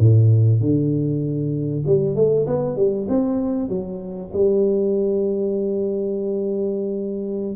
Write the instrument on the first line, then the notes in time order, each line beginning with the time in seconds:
tuba
0.00 A2
0.61 D3
1.87 G3
2.16 A3
2.47 B3
2.76 G3
3.09 C4
3.69 F#3
4.33 G3